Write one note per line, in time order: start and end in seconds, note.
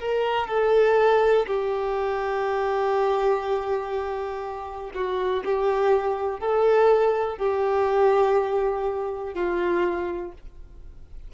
0.00 0.48 A#4
0.48 1.46 A4
1.47 4.91 G4
4.95 5.44 F#4
5.45 6.40 G4
6.40 7.38 A4
7.38 9.34 G4
9.34 10.33 F4